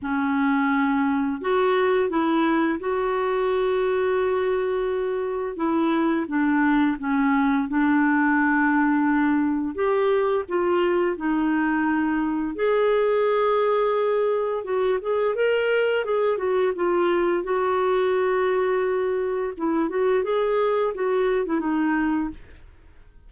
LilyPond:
\new Staff \with { instrumentName = "clarinet" } { \time 4/4 \tempo 4 = 86 cis'2 fis'4 e'4 | fis'1 | e'4 d'4 cis'4 d'4~ | d'2 g'4 f'4 |
dis'2 gis'2~ | gis'4 fis'8 gis'8 ais'4 gis'8 fis'8 | f'4 fis'2. | e'8 fis'8 gis'4 fis'8. e'16 dis'4 | }